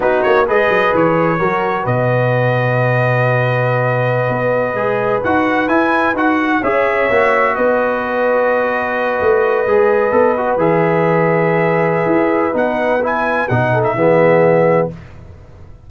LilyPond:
<<
  \new Staff \with { instrumentName = "trumpet" } { \time 4/4 \tempo 4 = 129 b'8 cis''8 dis''4 cis''2 | dis''1~ | dis''2.~ dis''16 fis''8.~ | fis''16 gis''4 fis''4 e''4.~ e''16~ |
e''16 dis''2.~ dis''8.~ | dis''2~ dis''8. e''4~ e''16~ | e''2. fis''4 | gis''4 fis''8. e''2~ e''16 | }
  \new Staff \with { instrumentName = "horn" } { \time 4/4 fis'4 b'2 ais'4 | b'1~ | b'1~ | b'2~ b'16 cis''4.~ cis''16~ |
cis''16 b'2.~ b'8.~ | b'1~ | b'1~ | b'4. a'8 gis'2 | }
  \new Staff \with { instrumentName = "trombone" } { \time 4/4 dis'4 gis'2 fis'4~ | fis'1~ | fis'2~ fis'16 gis'4 fis'8.~ | fis'16 e'4 fis'4 gis'4 fis'8.~ |
fis'1~ | fis'8. gis'4 a'8 fis'8 gis'4~ gis'16~ | gis'2. dis'4 | e'4 dis'4 b2 | }
  \new Staff \with { instrumentName = "tuba" } { \time 4/4 b8 ais8 gis8 fis8 e4 fis4 | b,1~ | b,4~ b,16 b4 gis4 dis'8.~ | dis'16 e'4 dis'4 cis'4 ais8.~ |
ais16 b2.~ b8 a16~ | a8. gis4 b4 e4~ e16~ | e2 e'4 b4~ | b4 b,4 e2 | }
>>